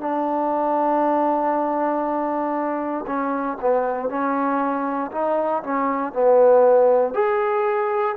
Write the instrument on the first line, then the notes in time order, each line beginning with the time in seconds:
trombone
0.00 D4
3.07 C#4
3.61 B3
4.09 C#4
5.12 D#4
5.63 C#4
6.13 B3
7.14 G#4